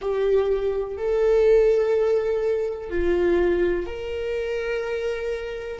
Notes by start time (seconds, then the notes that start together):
0.01 G4
0.97 A4
2.89 F4
3.86 A#4